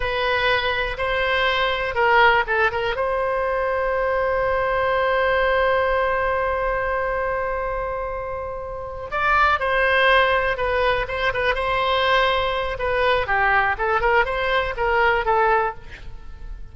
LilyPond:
\new Staff \with { instrumentName = "oboe" } { \time 4/4 \tempo 4 = 122 b'2 c''2 | ais'4 a'8 ais'8 c''2~ | c''1~ | c''1~ |
c''2~ c''8 d''4 c''8~ | c''4. b'4 c''8 b'8 c''8~ | c''2 b'4 g'4 | a'8 ais'8 c''4 ais'4 a'4 | }